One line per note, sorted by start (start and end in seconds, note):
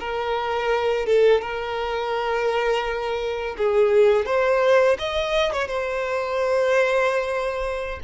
0.00 1.06 A#4
1.06 1.42 A4
1.42 3.56 A#4
3.58 4.26 G#4
4.26 4.98 C5
4.99 5.53 D#5
5.53 5.68 C#5
5.68 8.00 C5